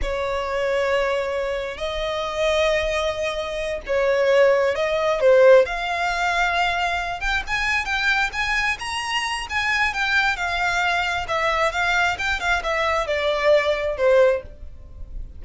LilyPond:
\new Staff \with { instrumentName = "violin" } { \time 4/4 \tempo 4 = 133 cis''1 | dis''1~ | dis''8 cis''2 dis''4 c''8~ | c''8 f''2.~ f''8 |
g''8 gis''4 g''4 gis''4 ais''8~ | ais''4 gis''4 g''4 f''4~ | f''4 e''4 f''4 g''8 f''8 | e''4 d''2 c''4 | }